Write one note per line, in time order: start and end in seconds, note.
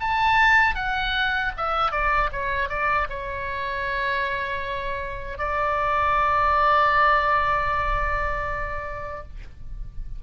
0.00 0.75 A5
0.75 1.52 F#5
1.57 1.92 E5
1.92 2.30 D5
2.33 2.69 C#5
2.69 3.08 D5
3.10 5.38 C#5
5.38 9.23 D5